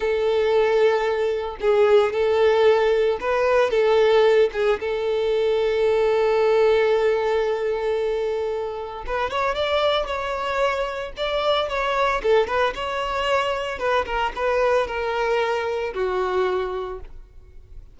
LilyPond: \new Staff \with { instrumentName = "violin" } { \time 4/4 \tempo 4 = 113 a'2. gis'4 | a'2 b'4 a'4~ | a'8 gis'8 a'2.~ | a'1~ |
a'4 b'8 cis''8 d''4 cis''4~ | cis''4 d''4 cis''4 a'8 b'8 | cis''2 b'8 ais'8 b'4 | ais'2 fis'2 | }